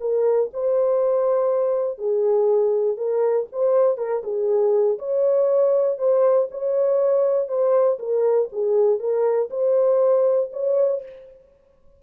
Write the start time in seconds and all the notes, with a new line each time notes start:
0.00 A#4
0.53 C5
1.98 G#4
2.97 A#4
3.52 C5
3.97 A#4
4.23 G#4
4.98 C#5
5.98 C5
6.51 C#5
7.48 C5
7.99 A#4
8.52 G#4
8.99 A#4
9.50 C5
10.52 C#5